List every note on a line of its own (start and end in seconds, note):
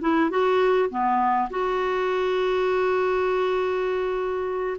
0.00 0.30 E4
0.30 0.89 F#4
0.89 1.49 B3
1.50 4.77 F#4